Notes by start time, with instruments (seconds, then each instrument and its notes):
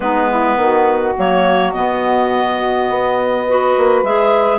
0.00 bassoon G#3, clarinet B3 B4, saxophone D#4
0.29 saxophone E4
0.56 bassoon D#3, saxophone F#4
1.17 bassoon F#3, clarinet A#3 C#5
1.72 bassoon B2, clarinet B3 D#5
2.89 bassoon B3
3.47 clarinet F#4, saxophone B4
3.77 bassoon A#3
4.03 bassoon G#3, clarinet G#4 E5